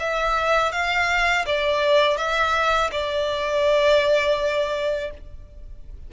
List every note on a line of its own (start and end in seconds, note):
0.00 0.72 E5
0.72 1.45 F5
1.46 2.18 D5
2.18 2.91 E5
2.92 5.11 D5